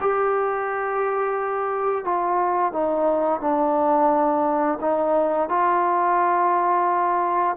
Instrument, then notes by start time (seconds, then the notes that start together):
trombone
0.00 G4
2.04 F4
2.72 D#4
3.40 D4
4.81 D#4
5.49 F4